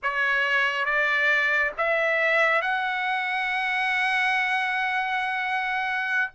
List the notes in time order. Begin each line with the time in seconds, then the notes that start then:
0.02 C#5
0.85 D5
1.77 E5
2.61 F#5